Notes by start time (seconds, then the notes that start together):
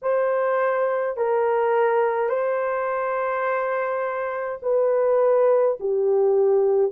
0.02 C5
1.16 A#4
2.29 C5
4.62 B4
5.80 G4